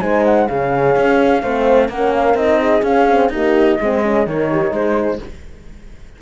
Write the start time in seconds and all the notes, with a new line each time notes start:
0.00 G#3 D#4 C5 G#5
0.25 F#5
0.47 C#3 C#4 G#4 F5
0.96 C#4
1.42 A3 C4 C5
1.88 A#3 C#4 A#4 F#5
2.14 F5
2.34 C4 D#4 D#5
2.60 G#4
2.82 C#4 F5
3.09 C4
3.29 A#3 D#4 G4
3.35 D#5
3.80 G#3 C4 G#4
4.03 C#4
4.26 D#3 D#4 A#4 C#5
4.51 G4
4.71 G#3 G#4 C5